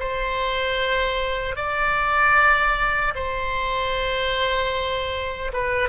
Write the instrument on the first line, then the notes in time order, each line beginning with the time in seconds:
oboe
0.00 C5
1.56 D5
3.15 C5
5.53 B4